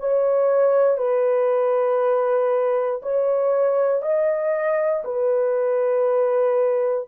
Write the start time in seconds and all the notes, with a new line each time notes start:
0.00 C#5
0.98 B4
3.03 C#5
4.03 D#5
5.05 B4